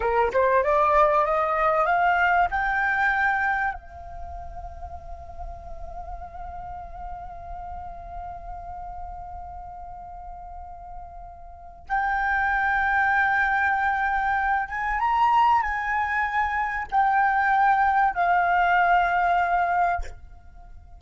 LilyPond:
\new Staff \with { instrumentName = "flute" } { \time 4/4 \tempo 4 = 96 ais'8 c''8 d''4 dis''4 f''4 | g''2 f''2~ | f''1~ | f''1~ |
f''2. g''4~ | g''2.~ g''8 gis''8 | ais''4 gis''2 g''4~ | g''4 f''2. | }